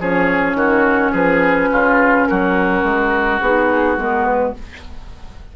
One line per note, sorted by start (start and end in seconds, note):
0.00 0.55 F3
0.00 3.42 C#4
0.00 0.57 G#4
0.00 1.14 C#5
0.55 1.12 D#3
0.55 1.12 F#4
1.12 1.70 F3
1.12 1.69 G#4
1.12 2.27 B4
1.72 2.29 C#3
1.72 2.29 F4
2.27 2.83 F#3
2.27 4.56 F#4
2.27 3.40 A#4
2.83 3.40 G#3
3.41 3.97 B3
3.41 3.98 D#4
3.41 3.97 G#4
3.97 4.54 G#3
3.97 4.54 B3
3.97 4.25 A#4
4.25 4.54 B4